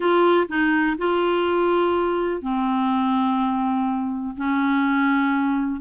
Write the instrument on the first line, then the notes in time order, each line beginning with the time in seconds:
clarinet
0.00 F4
0.48 D#4
0.98 F4
2.41 C4
4.36 C#4